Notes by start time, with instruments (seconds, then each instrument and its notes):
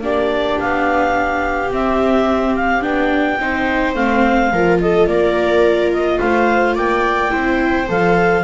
0.00 double bass A#3, viola D4 G4, clarinet D5
0.59 double bass B3, clarinet F5
1.70 viola C4, double bass C4, clarinet E5
2.55 clarinet F5
2.81 double bass B3, viola D4, clarinet G5
3.39 double bass C4, viola D#4 C5
3.94 double bass A3, viola C4, clarinet F5
4.51 double bass F3, viola F4 A#4
4.80 viola A4, clarinet D#5
5.06 double bass A#3, viola A#4, clarinet D5
5.92 clarinet D#5
6.19 double bass A3, viola C5, clarinet F5
6.75 double bass A#3, viola D5, clarinet G5
7.30 double bass C4, viola E4 C5
7.87 double bass F3, viola A4, clarinet F5